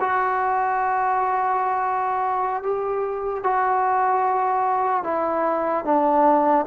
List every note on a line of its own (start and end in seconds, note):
0.00 2.63 F#4
2.63 3.44 G4
3.44 5.03 F#4
5.03 5.85 E4
5.85 6.66 D4